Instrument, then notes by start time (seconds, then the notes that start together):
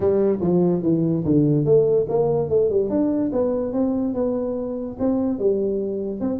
tuba
0.00 G3
0.40 F3
0.82 E3
1.24 D3
1.65 A3
2.09 A#3
2.49 A3
2.69 G3
2.89 D4
3.32 B3
3.73 C4
4.14 B3
4.99 C4
5.38 G3
6.20 C4